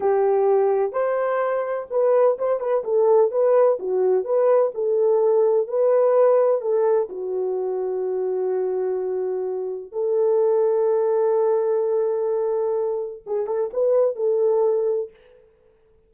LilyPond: \new Staff \with { instrumentName = "horn" } { \time 4/4 \tempo 4 = 127 g'2 c''2 | b'4 c''8 b'8 a'4 b'4 | fis'4 b'4 a'2 | b'2 a'4 fis'4~ |
fis'1~ | fis'4 a'2.~ | a'1 | gis'8 a'8 b'4 a'2 | }